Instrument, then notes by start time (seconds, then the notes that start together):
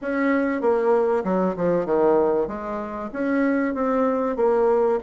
bassoon
0.01 C#4
0.61 A#3
1.24 F#3
1.56 F3
1.85 D#3
2.47 G#3
3.12 C#4
3.74 C4
4.36 A#3